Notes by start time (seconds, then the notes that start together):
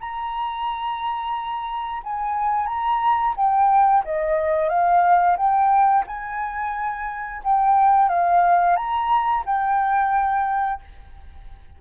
0.00 A#5
2.03 G#5
2.67 A#5
3.36 G5
4.04 D#5
4.69 F5
5.37 G5
6.07 G#5
7.44 G5
8.09 F5
8.76 A#5
9.46 G5